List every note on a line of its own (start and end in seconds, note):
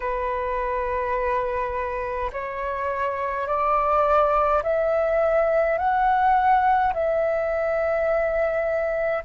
0.00 2.30 B4
2.32 3.47 C#5
3.47 4.62 D5
4.62 5.77 E5
5.77 6.93 F#5
6.93 9.24 E5